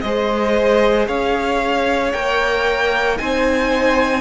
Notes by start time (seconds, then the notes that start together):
0.00 G#3 G#4 C5 D#5
1.07 C#4 C#5 F5
2.12 A#3 A#4 G5
3.16 C4 D#4 C5 G#5